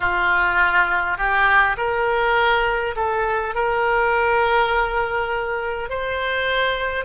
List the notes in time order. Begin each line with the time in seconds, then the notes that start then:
0.00 F4
1.17 G4
1.77 A#4
2.96 A4
3.55 A#4
5.89 C5